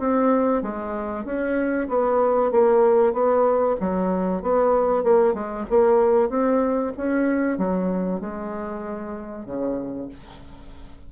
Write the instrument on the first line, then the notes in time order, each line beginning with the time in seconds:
bassoon
0.00 C4
0.63 G#3
1.25 C#4
1.89 B3
2.52 A#3
3.13 B3
3.81 F#3
4.42 B3
5.04 A#3
5.34 G#3
5.70 A#3
6.30 C4
6.97 C#4
7.58 F#3
8.20 G#3
9.46 C#3